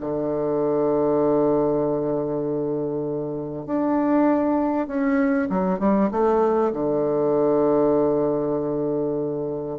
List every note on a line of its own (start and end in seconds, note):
0.00 3.65 D3
3.65 4.87 D4
4.87 5.48 C#4
5.49 5.79 F#3
5.79 6.09 G3
6.11 6.72 A3
6.72 9.78 D3